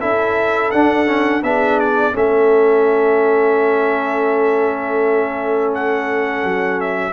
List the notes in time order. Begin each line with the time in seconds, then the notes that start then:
0.00 C#4 E4 A4 E5
0.71 D4 F#5
1.06 C#4
1.42 B3 D4 G#4 E5
1.79 D5
2.12 A3 C#4 A4 E5
5.74 F#5
6.43 F#3
6.81 E5